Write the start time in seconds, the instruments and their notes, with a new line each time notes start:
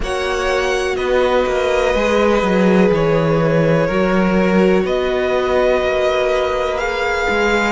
0.00 cello A#3, viola F#4, violin C#5 F#5
0.96 cello B3, violin B4 D#5
1.46 cello A#3
1.94 cello G#3, viola G#4
2.42 cello F#3
2.91 cello E3, violin C#5
3.86 cello F#3, viola F#4, violin A#4
4.84 cello B3, violin B4 D#5
5.81 cello A#3
6.78 viola G#4, violin F5
7.29 cello G#3